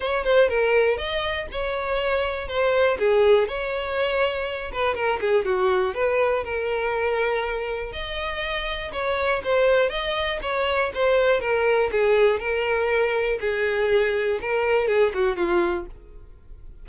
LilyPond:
\new Staff \with { instrumentName = "violin" } { \time 4/4 \tempo 4 = 121 cis''8 c''8 ais'4 dis''4 cis''4~ | cis''4 c''4 gis'4 cis''4~ | cis''4. b'8 ais'8 gis'8 fis'4 | b'4 ais'2. |
dis''2 cis''4 c''4 | dis''4 cis''4 c''4 ais'4 | gis'4 ais'2 gis'4~ | gis'4 ais'4 gis'8 fis'8 f'4 | }